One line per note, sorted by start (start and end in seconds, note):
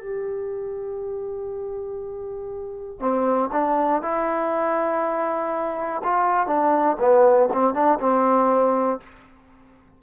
0.00 3.00 G4
3.00 3.50 C4
3.52 4.01 D4
4.01 6.01 E4
6.03 6.46 F4
6.46 6.96 D4
6.99 7.49 B3
7.53 7.74 C4
7.74 7.99 D4
8.00 9.00 C4